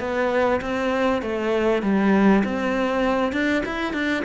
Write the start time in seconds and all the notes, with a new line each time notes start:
0.00 B3
0.61 C4
1.22 A3
1.83 G3
2.44 C4
3.33 D4
3.66 E4
3.93 D4